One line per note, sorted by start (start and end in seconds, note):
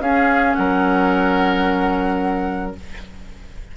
0.00 0.55 C#4
0.00 2.75 C#4
0.00 0.57 G#4
0.00 0.54 F5
0.54 2.77 F#3
0.54 2.76 A#4
0.54 2.72 F#5